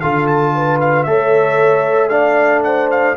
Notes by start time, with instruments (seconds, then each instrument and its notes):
0.00 tuba D3, trombone F4, horn A4, trumpet F5
0.27 trumpet A5
0.55 horn B4
0.80 trumpet F5
1.04 tuba A3, trombone A4, horn C#5, trumpet E5
2.09 trombone D4, horn D5, trumpet F5
2.63 horn C5, trumpet F#5
2.91 trumpet F5